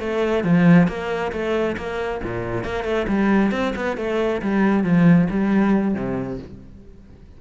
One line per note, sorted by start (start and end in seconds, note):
0.00 0.44 A3
0.44 0.88 F3
0.88 1.32 A#3
1.32 1.76 A3
1.77 2.21 A#3
2.24 2.64 A#2
2.64 2.84 A#3
2.84 3.06 A3
3.08 3.52 G3
3.52 3.74 C4
3.76 3.97 B3
3.97 4.41 A3
4.42 4.84 G3
4.84 5.28 F3
5.30 5.95 G3
5.95 6.39 C3